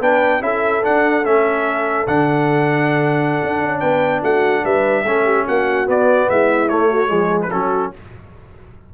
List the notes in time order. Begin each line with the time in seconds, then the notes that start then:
0.00 B3 D4 B4 G5
0.40 C#4 E4 A4 E5
0.83 D4 F#5
1.24 A3 C#4 E5
2.07 D3 D4 F#5
3.42 D4
3.61 C#4
3.79 B3 B4 G5
4.22 A3 F#4 F#5
4.64 G3 B4 E5
5.03 A3 C#4 A4
5.25 G4
5.47 A#3 F#4 F#5
5.86 B3 D5
6.29 G#3 E4 E5
6.69 A3 C#5
6.90 F#4
7.07 F3 G#3 G#4
7.42 B4
7.51 F#3 C#4 F#4 A4